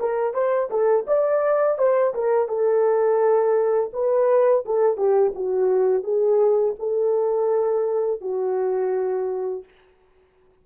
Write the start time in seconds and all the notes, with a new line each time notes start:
0.00 A#4
0.34 C5
0.70 A4
1.07 D5
1.78 C5
2.14 A#4
2.48 A4
3.93 B4
4.66 A4
4.97 G4
5.35 F#4
6.04 G#4
6.79 A4
8.21 F#4